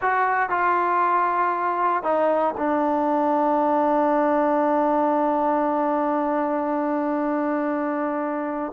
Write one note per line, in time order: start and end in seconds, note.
0.01 0.49 F#4
0.49 2.03 F4
2.03 2.54 D#4
2.57 8.72 D4